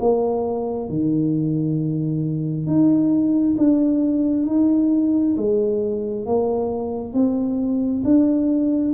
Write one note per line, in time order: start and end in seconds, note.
0.00 0.89 A#3
0.89 2.67 D#3
2.67 3.57 D#4
3.58 4.47 D4
4.47 5.36 D#4
5.37 6.26 G#3
6.26 7.14 A#3
7.14 8.04 C4
8.04 8.94 D4